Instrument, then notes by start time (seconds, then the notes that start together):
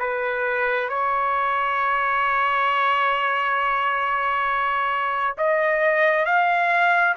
trumpet
0.00 B4
0.89 C#5
5.38 D#5
6.26 F5